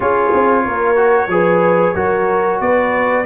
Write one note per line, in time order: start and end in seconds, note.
0.00 0.30 C#4
0.00 0.96 F4
0.00 0.64 G#4
0.00 2.60 C#5
0.33 0.66 C4
0.64 1.27 A#3
0.64 1.30 A#4
0.96 1.28 F#4
1.27 1.93 F3
1.27 1.95 G#4
1.27 1.95 B4
1.95 2.60 F#3
1.95 3.25 F#4
1.95 2.60 A#4
2.60 3.25 B3
2.60 3.25 B4
2.60 3.25 D5